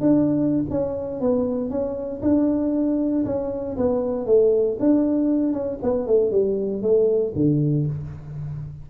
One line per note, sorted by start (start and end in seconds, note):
0.00 0.64 D4
0.70 1.20 C#4
1.20 1.70 B3
1.70 2.21 C#4
2.22 3.24 D4
3.25 3.76 C#4
3.77 4.26 B3
4.26 4.77 A3
4.79 5.52 D4
5.52 5.78 C#4
5.82 6.07 B3
6.07 6.31 A3
6.31 6.82 G3
6.82 7.33 A3
7.35 7.86 D3